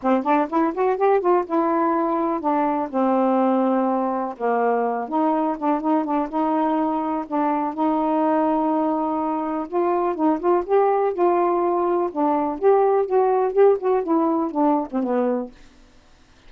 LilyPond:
\new Staff \with { instrumentName = "saxophone" } { \time 4/4 \tempo 4 = 124 c'8 d'8 e'8 fis'8 g'8 f'8 e'4~ | e'4 d'4 c'2~ | c'4 ais4. dis'4 d'8 | dis'8 d'8 dis'2 d'4 |
dis'1 | f'4 dis'8 f'8 g'4 f'4~ | f'4 d'4 g'4 fis'4 | g'8 fis'8 e'4 d'8. c'16 b4 | }